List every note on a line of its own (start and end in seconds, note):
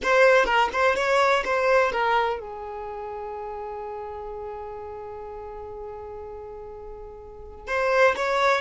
0.02 0.45 C5
0.45 0.69 A#4
0.72 0.95 C5
0.95 1.43 C#5
1.44 1.92 C5
1.92 2.40 A#4
2.40 7.67 G#4
7.67 8.15 C5
8.16 8.61 C#5